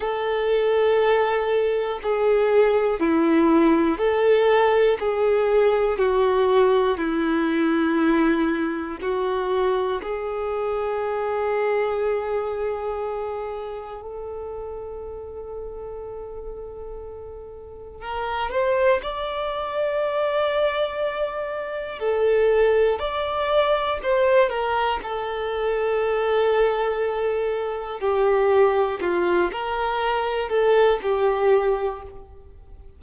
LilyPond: \new Staff \with { instrumentName = "violin" } { \time 4/4 \tempo 4 = 60 a'2 gis'4 e'4 | a'4 gis'4 fis'4 e'4~ | e'4 fis'4 gis'2~ | gis'2 a'2~ |
a'2 ais'8 c''8 d''4~ | d''2 a'4 d''4 | c''8 ais'8 a'2. | g'4 f'8 ais'4 a'8 g'4 | }